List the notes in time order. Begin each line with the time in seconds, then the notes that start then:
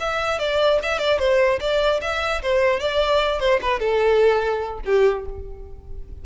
0.00 E5
0.39 D5
0.83 E5
0.99 D5
1.19 C5
1.60 D5
2.02 E5
2.42 C5
2.80 D5
3.40 C5
3.62 B4
3.79 A4
4.85 G4